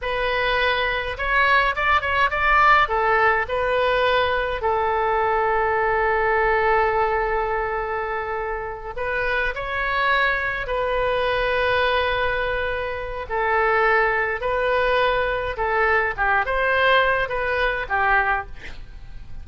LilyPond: \new Staff \with { instrumentName = "oboe" } { \time 4/4 \tempo 4 = 104 b'2 cis''4 d''8 cis''8 | d''4 a'4 b'2 | a'1~ | a'2.~ a'8 b'8~ |
b'8 cis''2 b'4.~ | b'2. a'4~ | a'4 b'2 a'4 | g'8 c''4. b'4 g'4 | }